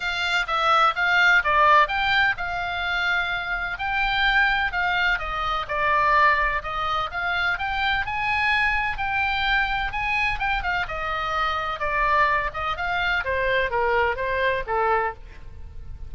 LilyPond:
\new Staff \with { instrumentName = "oboe" } { \time 4/4 \tempo 4 = 127 f''4 e''4 f''4 d''4 | g''4 f''2. | g''2 f''4 dis''4 | d''2 dis''4 f''4 |
g''4 gis''2 g''4~ | g''4 gis''4 g''8 f''8 dis''4~ | dis''4 d''4. dis''8 f''4 | c''4 ais'4 c''4 a'4 | }